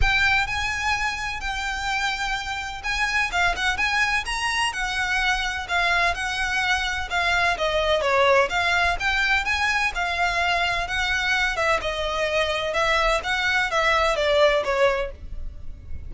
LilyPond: \new Staff \with { instrumentName = "violin" } { \time 4/4 \tempo 4 = 127 g''4 gis''2 g''4~ | g''2 gis''4 f''8 fis''8 | gis''4 ais''4 fis''2 | f''4 fis''2 f''4 |
dis''4 cis''4 f''4 g''4 | gis''4 f''2 fis''4~ | fis''8 e''8 dis''2 e''4 | fis''4 e''4 d''4 cis''4 | }